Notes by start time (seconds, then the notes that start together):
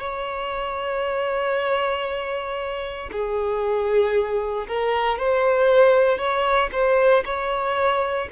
0.00 C#5
3.12 G#4
4.68 A#4
5.19 C5
6.18 C#5
6.72 C5
7.26 C#5